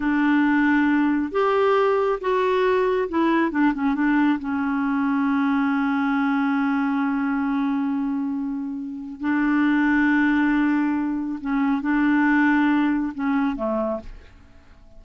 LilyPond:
\new Staff \with { instrumentName = "clarinet" } { \time 4/4 \tempo 4 = 137 d'2. g'4~ | g'4 fis'2 e'4 | d'8 cis'8 d'4 cis'2~ | cis'1~ |
cis'1~ | cis'4 d'2.~ | d'2 cis'4 d'4~ | d'2 cis'4 a4 | }